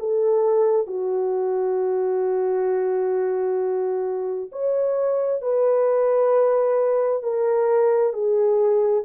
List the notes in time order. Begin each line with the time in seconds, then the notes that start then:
0.00 A4
0.87 F#4
4.52 C#5
5.42 B4
7.23 A#4
8.13 G#4